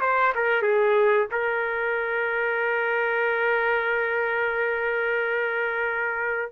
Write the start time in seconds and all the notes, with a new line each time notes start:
0.00 C5
0.35 A#4
0.62 G#4
1.31 A#4